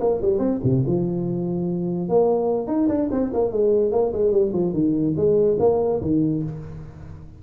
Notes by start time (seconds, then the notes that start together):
0.00 A#3
0.22 G3
0.39 C4
0.64 C3
0.86 F3
2.09 A#3
2.67 D#4
2.89 D4
3.11 C4
3.33 A#3
3.52 G#3
3.91 A#3
4.13 G#3
4.31 G3
4.53 F3
4.73 D#3
5.16 G#3
5.59 A#3
6.01 D#3